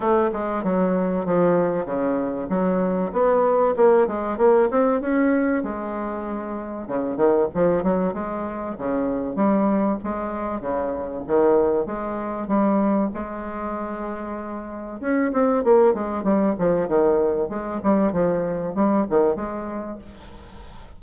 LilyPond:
\new Staff \with { instrumentName = "bassoon" } { \time 4/4 \tempo 4 = 96 a8 gis8 fis4 f4 cis4 | fis4 b4 ais8 gis8 ais8 c'8 | cis'4 gis2 cis8 dis8 | f8 fis8 gis4 cis4 g4 |
gis4 cis4 dis4 gis4 | g4 gis2. | cis'8 c'8 ais8 gis8 g8 f8 dis4 | gis8 g8 f4 g8 dis8 gis4 | }